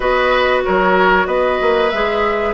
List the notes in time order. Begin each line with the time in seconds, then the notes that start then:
0.00 B3 F#4 B4 D#5
0.64 F#3 A#4 C#5
1.26 B3 B4 D#5
1.61 A#3
1.90 G#3 G#4 E5